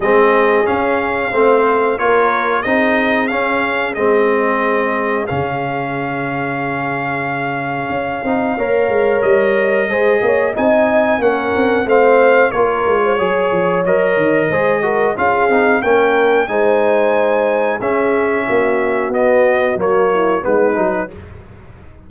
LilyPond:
<<
  \new Staff \with { instrumentName = "trumpet" } { \time 4/4 \tempo 4 = 91 dis''4 f''2 cis''4 | dis''4 f''4 dis''2 | f''1~ | f''2 dis''2 |
gis''4 fis''4 f''4 cis''4~ | cis''4 dis''2 f''4 | g''4 gis''2 e''4~ | e''4 dis''4 cis''4 b'4 | }
  \new Staff \with { instrumentName = "horn" } { \time 4/4 gis'2 c''4 ais'4 | gis'1~ | gis'1~ | gis'4 cis''2 c''8 cis''8 |
dis''4 ais'4 c''4 ais'8. c''16 | cis''2 c''8 ais'8 gis'4 | ais'4 c''2 gis'4 | fis'2~ fis'8 e'8 dis'4 | }
  \new Staff \with { instrumentName = "trombone" } { \time 4/4 c'4 cis'4 c'4 f'4 | dis'4 cis'4 c'2 | cis'1~ | cis'8 dis'8 ais'2 gis'4 |
dis'4 cis'4 c'4 f'4 | gis'4 ais'4 gis'8 fis'8 f'8 dis'8 | cis'4 dis'2 cis'4~ | cis'4 b4 ais4 b8 dis'8 | }
  \new Staff \with { instrumentName = "tuba" } { \time 4/4 gis4 cis'4 a4 ais4 | c'4 cis'4 gis2 | cis1 | cis'8 c'8 ais8 gis8 g4 gis8 ais8 |
c'4 ais8 c'8 a4 ais8 gis8 | fis8 f8 fis8 dis8 gis4 cis'8 c'8 | ais4 gis2 cis'4 | ais4 b4 fis4 gis8 fis8 | }
>>